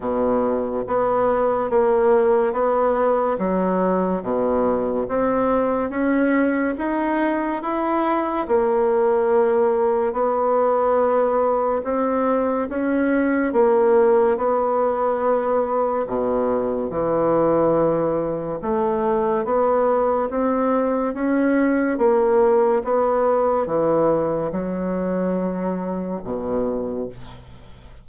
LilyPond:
\new Staff \with { instrumentName = "bassoon" } { \time 4/4 \tempo 4 = 71 b,4 b4 ais4 b4 | fis4 b,4 c'4 cis'4 | dis'4 e'4 ais2 | b2 c'4 cis'4 |
ais4 b2 b,4 | e2 a4 b4 | c'4 cis'4 ais4 b4 | e4 fis2 b,4 | }